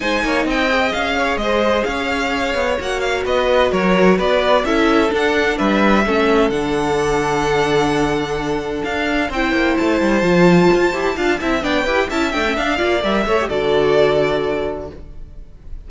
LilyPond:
<<
  \new Staff \with { instrumentName = "violin" } { \time 4/4 \tempo 4 = 129 gis''4 g''4 f''4 dis''4 | f''2 fis''8 f''8 dis''4 | cis''4 d''4 e''4 fis''4 | e''2 fis''2~ |
fis''2. f''4 | g''4 a''2.~ | a''4 g''4 a''8 g''8 f''4 | e''4 d''2. | }
  \new Staff \with { instrumentName = "violin" } { \time 4/4 c''8 cis''8 dis''4. cis''8 c''4 | cis''2. b'4 | ais'4 b'4 a'2 | b'4 a'2.~ |
a'1 | c''1 | f''8 e''8 d''8 b'8 e''4. d''8~ | d''8 cis''8 a'2. | }
  \new Staff \with { instrumentName = "viola" } { \time 4/4 dis'4. gis'2~ gis'8~ | gis'2 fis'2~ | fis'2 e'4 d'4~ | d'4 cis'4 d'2~ |
d'1 | e'2 f'4. g'8 | f'8 e'8 d'8 g'8 e'8 d'16 cis'16 d'8 f'8 | ais'8 a'16 g'16 fis'2. | }
  \new Staff \with { instrumentName = "cello" } { \time 4/4 gis8 ais8 c'4 cis'4 gis4 | cis'4. b8 ais4 b4 | fis4 b4 cis'4 d'4 | g4 a4 d2~ |
d2. d'4 | c'8 ais8 a8 g8 f4 f'8 e'8 | d'8 c'8 b8 e'8 cis'8 a8 d'8 ais8 | g8 a8 d2. | }
>>